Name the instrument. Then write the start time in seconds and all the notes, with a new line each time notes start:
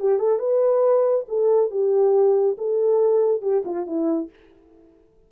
horn
0.00 G4
0.19 A4
0.39 B4
1.28 A4
1.71 G4
2.58 A4
3.42 G4
3.65 F4
3.87 E4